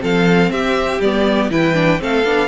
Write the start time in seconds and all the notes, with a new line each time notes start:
0.00 F3 C4 A4 F5
0.50 C4 G4 E5
1.00 G3 B3 D5
1.50 E3 E4 B4 G5
1.74 D4
1.99 A3 C4 A4 F5
2.24 B3 D4